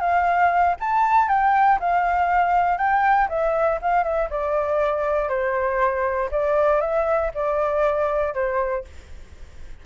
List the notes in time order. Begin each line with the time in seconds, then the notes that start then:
0.00 F5
0.80 A5
1.28 G5
1.79 F5
2.77 G5
3.29 E5
3.81 F5
4.03 E5
4.30 D5
5.29 C5
6.31 D5
6.81 E5
7.34 D5
8.34 C5